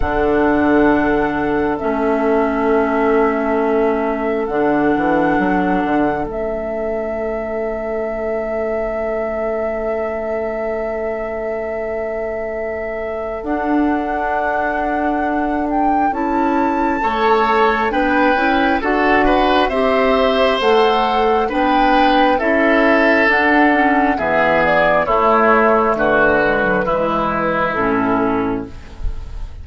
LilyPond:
<<
  \new Staff \with { instrumentName = "flute" } { \time 4/4 \tempo 4 = 67 fis''2 e''2~ | e''4 fis''2 e''4~ | e''1~ | e''2. fis''4~ |
fis''4. g''8 a''2 | g''4 fis''4 e''4 fis''4 | g''4 e''4 fis''4 e''8 d''8 | cis''4 b'2 a'4 | }
  \new Staff \with { instrumentName = "oboe" } { \time 4/4 a'1~ | a'1~ | a'1~ | a'1~ |
a'2. cis''4 | b'4 a'8 b'8 c''2 | b'4 a'2 gis'4 | e'4 fis'4 e'2 | }
  \new Staff \with { instrumentName = "clarinet" } { \time 4/4 d'2 cis'2~ | cis'4 d'2 cis'4~ | cis'1~ | cis'2. d'4~ |
d'2 e'4 a'4 | d'8 e'8 fis'4 g'4 a'4 | d'4 e'4 d'8 cis'8 b4 | a4. gis16 fis16 gis4 cis'4 | }
  \new Staff \with { instrumentName = "bassoon" } { \time 4/4 d2 a2~ | a4 d8 e8 fis8 d8 a4~ | a1~ | a2. d'4~ |
d'2 cis'4 a4 | b8 cis'8 d'4 c'4 a4 | b4 cis'4 d'4 e4 | a4 d4 e4 a,4 | }
>>